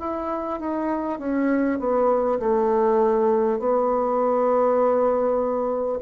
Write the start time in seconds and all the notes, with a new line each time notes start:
0.00 E4
0.60 D#4
1.19 C#4
1.79 B3
2.39 A3
3.59 B3